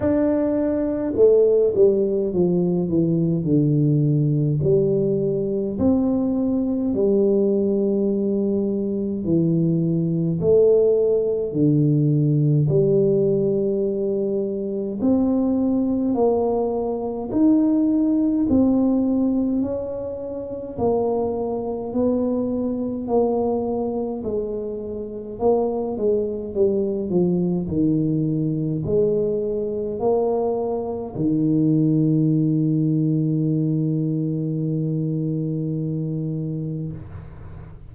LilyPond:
\new Staff \with { instrumentName = "tuba" } { \time 4/4 \tempo 4 = 52 d'4 a8 g8 f8 e8 d4 | g4 c'4 g2 | e4 a4 d4 g4~ | g4 c'4 ais4 dis'4 |
c'4 cis'4 ais4 b4 | ais4 gis4 ais8 gis8 g8 f8 | dis4 gis4 ais4 dis4~ | dis1 | }